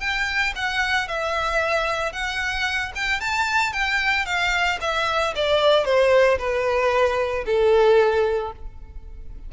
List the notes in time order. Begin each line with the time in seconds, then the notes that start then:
0.00 G5
0.55 F#5
1.08 E5
2.12 F#5
2.95 G5
3.20 A5
3.73 G5
4.25 F5
4.81 E5
5.35 D5
5.85 C5
6.38 B4
7.46 A4